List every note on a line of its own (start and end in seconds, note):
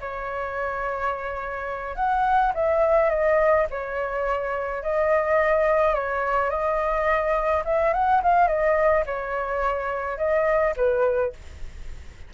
0.00 1.95 C#5
1.95 2.52 F#5
2.54 3.09 E5
3.09 3.66 D#5
3.70 4.82 C#5
4.82 5.94 D#5
5.94 6.50 C#5
6.50 7.63 D#5
7.64 7.93 E5
7.93 8.21 F#5
8.22 8.47 F5
8.47 9.04 D#5
9.06 10.17 C#5
10.17 10.74 D#5
10.76 11.33 B4